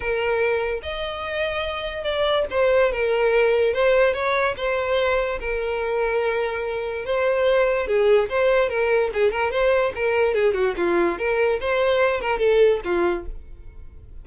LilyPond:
\new Staff \with { instrumentName = "violin" } { \time 4/4 \tempo 4 = 145 ais'2 dis''2~ | dis''4 d''4 c''4 ais'4~ | ais'4 c''4 cis''4 c''4~ | c''4 ais'2.~ |
ais'4 c''2 gis'4 | c''4 ais'4 gis'8 ais'8 c''4 | ais'4 gis'8 fis'8 f'4 ais'4 | c''4. ais'8 a'4 f'4 | }